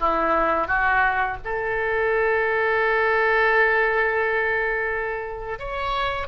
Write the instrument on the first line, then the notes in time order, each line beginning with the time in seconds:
oboe
0.00 E4
0.68 F#4
1.45 A4
5.59 C#5